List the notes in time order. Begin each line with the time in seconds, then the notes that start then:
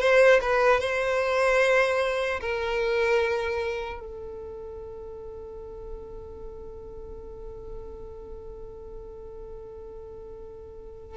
0.00 C5
0.41 B4
0.80 C5
2.40 A#4
4.00 A4